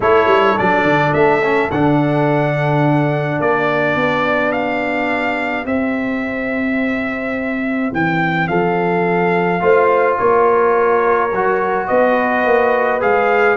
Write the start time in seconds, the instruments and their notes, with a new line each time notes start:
0.00 tuba A3, trombone E4, horn A4, trumpet C#5
0.27 tuba G3
0.57 tuba F#3, trombone D4, trumpet D5
0.84 tuba D3
1.13 tuba A3, trumpet E5
1.42 trombone C#4
1.71 tuba D3, trombone D4, trumpet F#5
3.39 tuba A#3, horn G4, trumpet D5
3.95 tuba B3
4.52 trumpet F5
5.65 tuba C4, trombone C4, trumpet E5
7.92 tuba E3, trumpet G5
8.47 tuba F3, horn A4, trumpet F5
9.60 tuba A3, trombone F4, horn C5
10.18 tuba A#3, horn A#4, trumpet C#5
11.32 tuba F#3, trombone F#4
11.87 tuba B3, horn B4, trumpet D#5
12.45 tuba A#3
13.00 tuba G#3, trombone G#4, trumpet F5